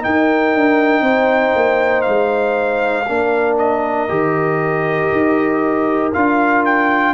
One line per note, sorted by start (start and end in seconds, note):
0.00 3.05 D#4
0.00 0.54 D#4
0.00 1.02 A#4
0.00 2.01 G5
0.54 1.01 D4
1.01 1.52 C4
1.01 3.06 C5
1.55 2.06 A#3
2.01 3.09 G#3
2.01 3.54 F5
3.08 4.09 A#3
3.08 4.08 D4
3.08 7.13 A#4
3.58 6.12 D#5
4.08 5.11 D#3
4.08 6.12 G4
5.11 6.13 D#4
6.13 7.13 D4
6.13 7.13 F4
6.13 6.64 F5
6.65 7.13 G5